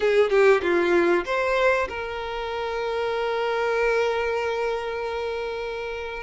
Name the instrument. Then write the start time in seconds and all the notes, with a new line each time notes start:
violin
0.00 G#4
0.30 G4
0.62 F4
1.25 C5
1.88 A#4